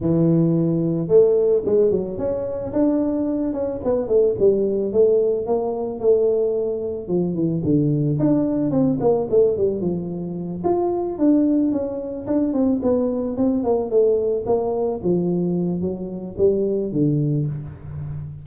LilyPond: \new Staff \with { instrumentName = "tuba" } { \time 4/4 \tempo 4 = 110 e2 a4 gis8 fis8 | cis'4 d'4. cis'8 b8 a8 | g4 a4 ais4 a4~ | a4 f8 e8 d4 d'4 |
c'8 ais8 a8 g8 f4. f'8~ | f'8 d'4 cis'4 d'8 c'8 b8~ | b8 c'8 ais8 a4 ais4 f8~ | f4 fis4 g4 d4 | }